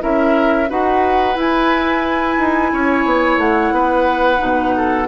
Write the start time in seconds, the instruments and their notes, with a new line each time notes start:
0.00 bassoon C#4, clarinet E4, oboe A#4, flute E5
0.69 bassoon D#4, clarinet F#4, oboe B4, flute F#5
1.35 clarinet E4, bassoon E4, flute G#5
2.38 bassoon D#4
2.73 bassoon C#4, oboe C#5
3.05 bassoon B3
3.38 bassoon A3, flute F#5
3.72 bassoon B3, oboe B4
4.38 bassoon B2, clarinet D#4
4.77 oboe A4